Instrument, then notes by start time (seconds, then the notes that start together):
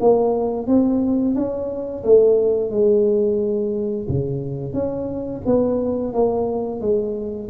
tuba
0.00 A#3
0.67 C4
1.35 C#4
2.04 A3
2.71 G#3
4.08 C#3
4.74 C#4
5.45 B3
6.13 A#3
6.81 G#3